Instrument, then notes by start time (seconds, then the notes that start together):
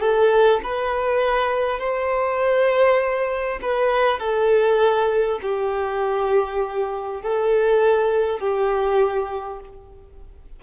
violin
0.00 A4
0.63 B4
1.79 C5
3.61 B4
4.19 A4
5.42 G4
7.22 A4
8.39 G4